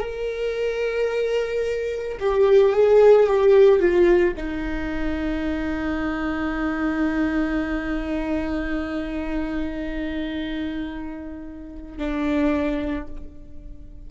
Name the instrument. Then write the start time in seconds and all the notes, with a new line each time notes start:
viola
0.00 A#4
2.20 G4
2.73 G#4
3.27 G4
3.80 F4
4.37 D#4
11.98 D4